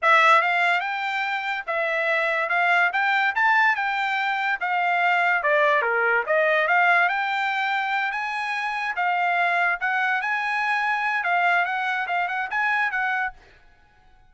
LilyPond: \new Staff \with { instrumentName = "trumpet" } { \time 4/4 \tempo 4 = 144 e''4 f''4 g''2 | e''2 f''4 g''4 | a''4 g''2 f''4~ | f''4 d''4 ais'4 dis''4 |
f''4 g''2~ g''8 gis''8~ | gis''4. f''2 fis''8~ | fis''8 gis''2~ gis''8 f''4 | fis''4 f''8 fis''8 gis''4 fis''4 | }